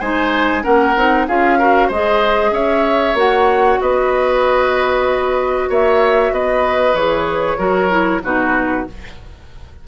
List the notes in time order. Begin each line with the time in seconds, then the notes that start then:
0.00 G#3 D#4 C5 G#5
0.63 A#3 C#4 A#4 F#5
0.96 C4 D#4
1.28 C#4 F4 G#4 F5
1.59 F#4 A#4
1.88 G#3 C5 D#5
1.94 G#4
2.52 C#4 C#5 E5
3.14 A#3 F#4 F#5
3.81 B3 B4 D#5
5.69 A#3 C#5 E5
6.32 B3 B4 D#5
6.94 E3 G#4 C#5
7.58 F#3 F#4 A#4
7.90 E4
8.24 B2 D#4 F#4 B4